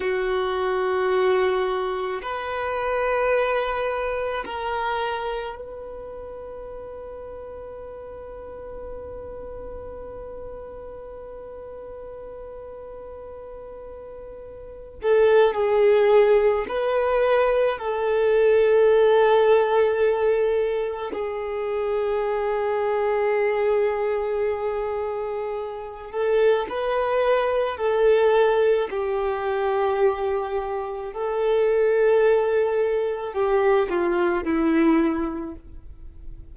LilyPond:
\new Staff \with { instrumentName = "violin" } { \time 4/4 \tempo 4 = 54 fis'2 b'2 | ais'4 b'2.~ | b'1~ | b'4. a'8 gis'4 b'4 |
a'2. gis'4~ | gis'2.~ gis'8 a'8 | b'4 a'4 g'2 | a'2 g'8 f'8 e'4 | }